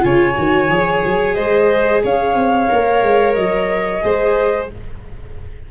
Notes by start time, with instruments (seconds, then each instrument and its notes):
0.00 tuba C#3, viola F4, violin C#5, flute G#5
0.36 tuba D#3, viola F#4
0.70 tuba F3, viola G#4
1.05 tuba F#3
1.35 tuba G#3, violin C5, flute D#5
2.04 tuba C#4, violin C#5, flute F5
2.35 tuba C4
2.69 tuba A#3, viola A#4
3.03 tuba G#3
3.34 tuba F#3, flute D#5
4.02 tuba G#3, viola G#4, violin C5